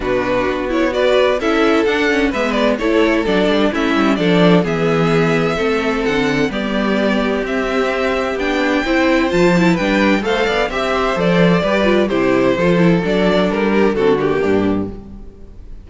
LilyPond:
<<
  \new Staff \with { instrumentName = "violin" } { \time 4/4 \tempo 4 = 129 b'4. cis''8 d''4 e''4 | fis''4 e''8 d''8 cis''4 d''4 | e''4 d''4 e''2~ | e''4 fis''4 d''2 |
e''2 g''2 | a''4 g''4 f''4 e''4 | d''2 c''2 | d''4 ais'4 a'8 g'4. | }
  \new Staff \with { instrumentName = "violin" } { \time 4/4 fis'2 b'4 a'4~ | a'4 b'4 a'2 | e'4 a'4 gis'2 | a'2 g'2~ |
g'2. c''4~ | c''4 b'4 c''8 d''8 e''8 c''8~ | c''4 b'4 g'4 a'4~ | a'4. g'8 fis'4 d'4 | }
  \new Staff \with { instrumentName = "viola" } { \time 4/4 d'4. e'8 fis'4 e'4 | d'8 cis'8 b4 e'4 d'4 | cis'4 d'4 b2 | c'2 b2 |
c'2 d'4 e'4 | f'8 e'8 d'4 a'4 g'4 | a'4 g'8 f'8 e'4 f'8 e'8 | d'2 c'8 ais4. | }
  \new Staff \with { instrumentName = "cello" } { \time 4/4 b,4 b2 cis'4 | d'4 gis4 a4 fis8 g8 | a8 g8 f4 e2 | a4 d4 g2 |
c'2 b4 c'4 | f4 g4 a8 b8 c'4 | f4 g4 c4 f4 | fis4 g4 d4 g,4 | }
>>